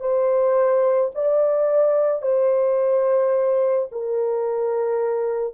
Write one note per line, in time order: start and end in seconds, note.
0.00 1.11 C5
1.15 2.22 D5
2.22 3.89 C5
3.92 5.54 A#4